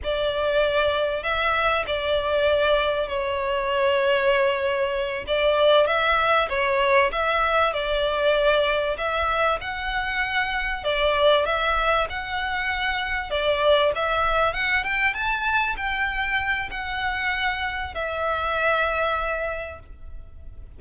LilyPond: \new Staff \with { instrumentName = "violin" } { \time 4/4 \tempo 4 = 97 d''2 e''4 d''4~ | d''4 cis''2.~ | cis''8 d''4 e''4 cis''4 e''8~ | e''8 d''2 e''4 fis''8~ |
fis''4. d''4 e''4 fis''8~ | fis''4. d''4 e''4 fis''8 | g''8 a''4 g''4. fis''4~ | fis''4 e''2. | }